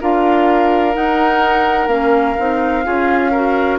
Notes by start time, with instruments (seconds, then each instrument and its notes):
0.00 bassoon D4, clarinet F4, oboe A#4, flute F5
0.93 clarinet D#4, bassoon D#4, flute F#5
1.87 bassoon A#3, clarinet C#4, flute F5
2.38 bassoon C4, clarinet D#4
2.83 bassoon C#4, clarinet F4, oboe G#4
3.31 clarinet F#4, oboe A#4